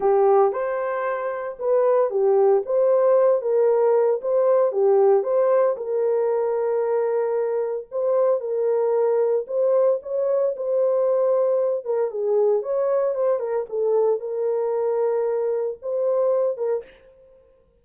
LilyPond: \new Staff \with { instrumentName = "horn" } { \time 4/4 \tempo 4 = 114 g'4 c''2 b'4 | g'4 c''4. ais'4. | c''4 g'4 c''4 ais'4~ | ais'2. c''4 |
ais'2 c''4 cis''4 | c''2~ c''8 ais'8 gis'4 | cis''4 c''8 ais'8 a'4 ais'4~ | ais'2 c''4. ais'8 | }